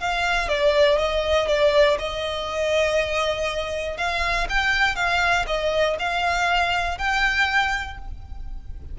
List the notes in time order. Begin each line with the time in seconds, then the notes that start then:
0.00 F5
0.48 D5
0.98 D#5
1.47 D5
1.98 D#5
3.97 F5
4.49 G5
4.95 F5
5.47 D#5
5.99 F5
6.98 G5